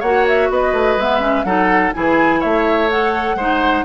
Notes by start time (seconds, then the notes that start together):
0.00 A#3 F#4 C#5 F#5
0.28 E5
0.50 B3 B4 D#5
0.73 A3
0.97 G#3 B3 E5
1.21 C#4
1.44 F#3 D#4 A4 F#5
1.94 E3 E4 G#4 G#5
2.40 A3 C#5 E5
2.90 A4 F#5
3.35 G#3 D#4 C5